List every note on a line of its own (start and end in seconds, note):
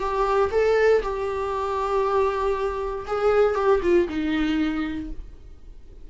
0.00 0.51 G4
0.52 1.03 A4
1.03 3.06 G4
3.08 3.55 G#4
3.55 3.81 G4
3.83 4.08 F4
4.09 5.11 D#4